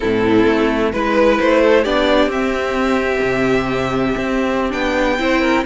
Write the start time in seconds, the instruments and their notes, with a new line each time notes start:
0.00 cello A2, viola C4, violin E4 A4
0.46 cello A3
0.92 cello G#3, viola E4, violin B4
1.39 cello A3, violin C5
1.62 violin A4
1.82 cello B3, viola D4, violin G4 D5
2.26 cello C4, viola C4, violin E5
3.22 cello C3
4.17 cello C4
4.70 cello B3, viola D4, violin G5
5.18 cello C4, viola E4, violin C5
5.41 violin A#4